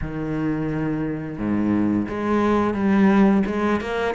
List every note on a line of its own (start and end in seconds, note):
0.01 1.38 D#3
1.38 2.07 G#2
2.08 2.74 G#3
2.74 3.43 G3
3.46 3.80 G#3
3.81 4.14 A#3